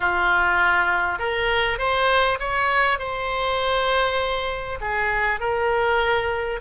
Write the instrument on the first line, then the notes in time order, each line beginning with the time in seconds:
oboe
0.00 F4
1.18 A#4
1.78 C5
2.39 C#5
2.98 C5
4.80 G#4
5.40 A#4